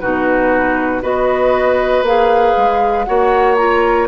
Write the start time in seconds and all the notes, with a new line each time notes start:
0.00 B2 D#4 F#4 B4
1.02 B3 F#4 B4 D#5
2.03 A#3 G#4 F5
2.57 G#3
3.05 A#3 F#4 C#5 F#5
3.57 F4 A#5